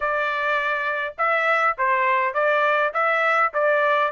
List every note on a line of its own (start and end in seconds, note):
0.00 1.15 D5
1.18 1.76 E5
1.78 2.34 C5
2.34 2.93 D5
2.93 3.52 E5
3.53 4.12 D5